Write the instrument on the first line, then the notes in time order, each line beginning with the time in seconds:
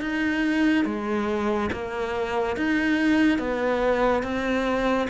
cello
0.00 D#4
0.85 G#3
1.72 A#3
2.56 D#4
3.38 B3
4.23 C4